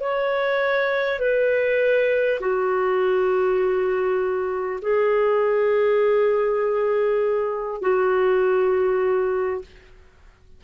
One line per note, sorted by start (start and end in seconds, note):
0.00 1.19 C#5
1.19 2.39 B4
2.41 4.81 F#4
4.82 7.82 G#4
7.82 9.62 F#4